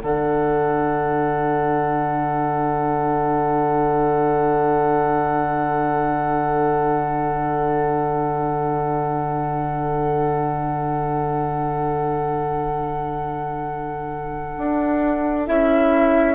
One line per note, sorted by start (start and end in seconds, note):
0.00 14.58 D3
0.00 15.47 D4
0.00 16.35 A4
0.00 15.45 F#5
14.58 15.49 D4
15.47 16.35 C#4
15.47 16.35 E4
15.47 16.35 E5